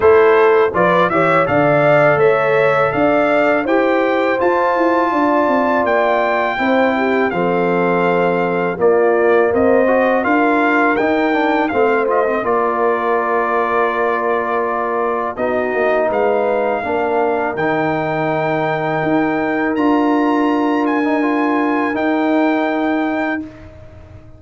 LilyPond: <<
  \new Staff \with { instrumentName = "trumpet" } { \time 4/4 \tempo 4 = 82 c''4 d''8 e''8 f''4 e''4 | f''4 g''4 a''2 | g''2 f''2 | d''4 dis''4 f''4 g''4 |
f''8 dis''8 d''2.~ | d''4 dis''4 f''2 | g''2. ais''4~ | ais''8 gis''4. g''2 | }
  \new Staff \with { instrumentName = "horn" } { \time 4/4 a'4 b'8 cis''8 d''4 cis''4 | d''4 c''2 d''4~ | d''4 c''8 g'8 a'2 | f'4 c''4 ais'2 |
c''4 ais'2.~ | ais'4 fis'4 b'4 ais'4~ | ais'1~ | ais'1 | }
  \new Staff \with { instrumentName = "trombone" } { \time 4/4 e'4 f'8 g'8 a'2~ | a'4 g'4 f'2~ | f'4 e'4 c'2 | ais4. fis'8 f'4 dis'8 d'8 |
c'8 f'16 c'16 f'2.~ | f'4 dis'2 d'4 | dis'2. f'4~ | f'8. dis'16 f'4 dis'2 | }
  \new Staff \with { instrumentName = "tuba" } { \time 4/4 a4 f8 e8 d4 a4 | d'4 e'4 f'8 e'8 d'8 c'8 | ais4 c'4 f2 | ais4 c'4 d'4 dis'4 |
a4 ais2.~ | ais4 b8 ais8 gis4 ais4 | dis2 dis'4 d'4~ | d'2 dis'2 | }
>>